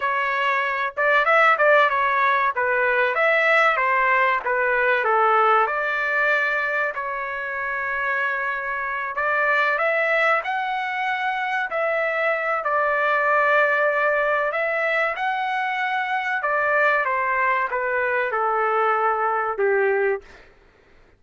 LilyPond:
\new Staff \with { instrumentName = "trumpet" } { \time 4/4 \tempo 4 = 95 cis''4. d''8 e''8 d''8 cis''4 | b'4 e''4 c''4 b'4 | a'4 d''2 cis''4~ | cis''2~ cis''8 d''4 e''8~ |
e''8 fis''2 e''4. | d''2. e''4 | fis''2 d''4 c''4 | b'4 a'2 g'4 | }